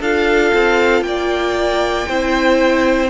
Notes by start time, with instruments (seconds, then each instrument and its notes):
0.00 cello D4, viola F4, violin A4 F5
0.54 cello C4
1.02 cello A#3, violin D5 G5
2.08 cello C4, viola E4, violin C5